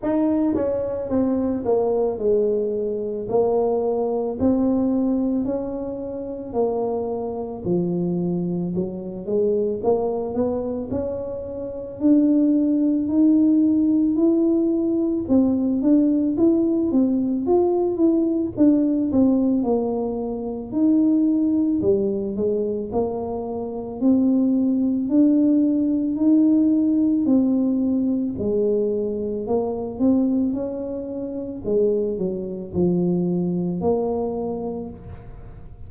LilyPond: \new Staff \with { instrumentName = "tuba" } { \time 4/4 \tempo 4 = 55 dis'8 cis'8 c'8 ais8 gis4 ais4 | c'4 cis'4 ais4 f4 | fis8 gis8 ais8 b8 cis'4 d'4 | dis'4 e'4 c'8 d'8 e'8 c'8 |
f'8 e'8 d'8 c'8 ais4 dis'4 | g8 gis8 ais4 c'4 d'4 | dis'4 c'4 gis4 ais8 c'8 | cis'4 gis8 fis8 f4 ais4 | }